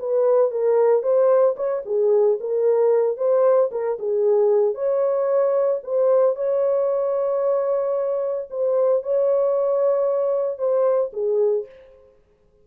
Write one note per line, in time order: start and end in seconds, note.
0.00 0.51 B4
0.51 1.03 A#4
1.03 1.56 C5
1.57 1.83 C#5
1.86 2.39 G#4
2.40 3.17 A#4
3.17 3.70 C5
3.72 3.98 A#4
3.99 4.75 G#4
4.75 5.81 C#5
5.84 6.36 C5
6.36 8.48 C#5
8.51 9.03 C5
9.03 10.59 C#5
10.59 11.12 C5
11.13 11.66 G#4